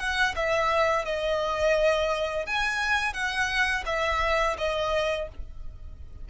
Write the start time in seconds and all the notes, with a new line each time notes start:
0.00 F#5
0.37 E5
1.06 D#5
2.47 G#5
3.14 F#5
3.86 E5
4.58 D#5